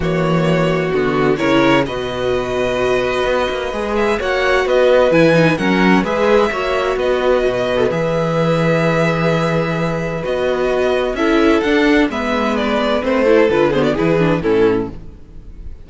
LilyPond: <<
  \new Staff \with { instrumentName = "violin" } { \time 4/4 \tempo 4 = 129 cis''2 fis'4 cis''4 | dis''1~ | dis''8 e''8 fis''4 dis''4 gis''4 | fis''4 e''2 dis''4~ |
dis''4 e''2.~ | e''2 dis''2 | e''4 fis''4 e''4 d''4 | c''4 b'8 c''16 d''16 b'4 a'4 | }
  \new Staff \with { instrumentName = "violin" } { \time 4/4 fis'2. ais'4 | b'1~ | b'4 cis''4 b'2 | ais'4 b'4 cis''4 b'4~ |
b'1~ | b'1 | a'2 b'2~ | b'8 a'4 gis'16 fis'16 gis'4 e'4 | }
  \new Staff \with { instrumentName = "viola" } { \time 4/4 ais2 b4 e'4 | fis'1 | gis'4 fis'2 e'8 dis'8 | cis'4 gis'4 fis'2~ |
fis'8. a'16 gis'2.~ | gis'2 fis'2 | e'4 d'4 b2 | c'8 e'8 f'8 b8 e'8 d'8 cis'4 | }
  \new Staff \with { instrumentName = "cello" } { \time 4/4 e2 d4 cis4 | b,2. b8 ais8 | gis4 ais4 b4 e4 | fis4 gis4 ais4 b4 |
b,4 e2.~ | e2 b2 | cis'4 d'4 gis2 | a4 d4 e4 a,4 | }
>>